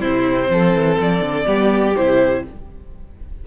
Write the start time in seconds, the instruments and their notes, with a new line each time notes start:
0.00 cello C3, viola C4, violin E4 C5
0.49 cello F3, violin A4
0.74 cello E3
1.00 cello F3, violin D5
1.20 cello D3
1.45 cello G3, viola B3, violin G4
1.96 cello C3, viola E4, violin C5